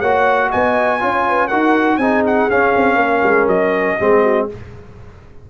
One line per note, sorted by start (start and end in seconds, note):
0.00 0.52 A#3
0.00 1.00 F#4
0.00 0.50 C#5
0.00 0.51 F#5
0.51 1.04 B3
0.51 1.00 D#5
0.51 1.48 G#5
1.00 1.53 C#4
1.00 1.50 F4
1.00 1.26 C#5
1.29 1.49 B4
1.48 1.98 D#4
1.48 2.01 F#4
1.48 1.98 A#4
1.48 1.98 F#5
1.98 2.48 C4
1.98 2.51 D#4
1.98 2.99 G#4
1.98 2.23 G#5
2.27 2.51 F#5
2.51 2.76 C#4
2.51 4.00 C#4
2.51 3.49 F5
2.77 2.96 C4
2.96 3.21 A#3
2.96 3.98 A#4
3.24 3.47 G#3
3.47 3.97 F#3
3.47 4.48 D#5
4.00 4.50 G#3
4.00 4.49 C4
4.00 4.23 G#4
4.23 4.48 F#4